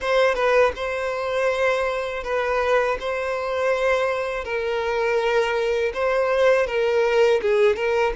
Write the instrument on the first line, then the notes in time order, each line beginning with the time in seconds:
violin
0.00 C5
0.35 B4
0.75 C5
2.23 B4
3.00 C5
4.44 A#4
5.94 C5
6.67 A#4
7.41 G#4
7.76 A#4